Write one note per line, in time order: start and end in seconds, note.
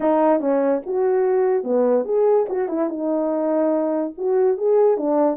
0.00 0.40 D#4
0.40 0.81 C#4
0.85 1.63 F#4
1.63 2.04 B3
2.04 2.46 G#4
2.49 2.68 F#4
2.68 2.89 E4
2.89 4.13 D#4
4.17 4.57 F#4
4.57 4.97 G#4
4.97 5.36 D4